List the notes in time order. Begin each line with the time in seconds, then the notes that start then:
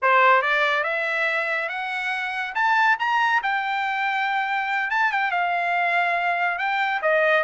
0.01 C5
0.42 D5
0.83 E5
1.68 F#5
2.54 A5
2.99 A#5
3.43 G5
4.90 A5
5.12 G5
5.31 F5
6.58 G5
7.02 D#5